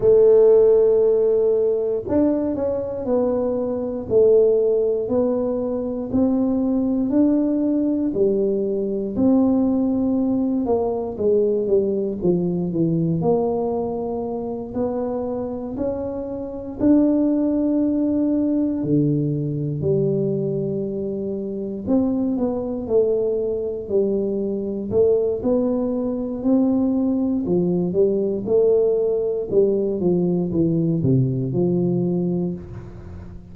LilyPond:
\new Staff \with { instrumentName = "tuba" } { \time 4/4 \tempo 4 = 59 a2 d'8 cis'8 b4 | a4 b4 c'4 d'4 | g4 c'4. ais8 gis8 g8 | f8 e8 ais4. b4 cis'8~ |
cis'8 d'2 d4 g8~ | g4. c'8 b8 a4 g8~ | g8 a8 b4 c'4 f8 g8 | a4 g8 f8 e8 c8 f4 | }